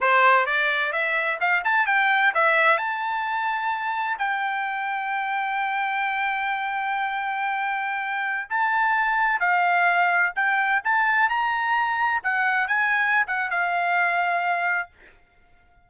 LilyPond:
\new Staff \with { instrumentName = "trumpet" } { \time 4/4 \tempo 4 = 129 c''4 d''4 e''4 f''8 a''8 | g''4 e''4 a''2~ | a''4 g''2.~ | g''1~ |
g''2~ g''16 a''4.~ a''16~ | a''16 f''2 g''4 a''8.~ | a''16 ais''2 fis''4 gis''8.~ | gis''8 fis''8 f''2. | }